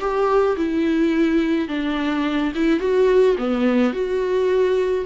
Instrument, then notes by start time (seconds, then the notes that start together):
viola
0.00 G4
0.56 E4
1.68 D4
2.55 E4
2.80 F#4
3.38 B3
3.93 F#4